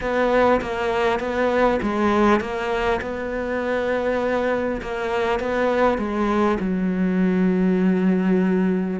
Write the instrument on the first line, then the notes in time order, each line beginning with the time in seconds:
cello
0.01 B3
0.61 A#3
1.19 B3
1.82 G#3
2.40 A#3
3.01 B3
4.81 A#3
5.39 B3
5.98 G#3
6.60 F#3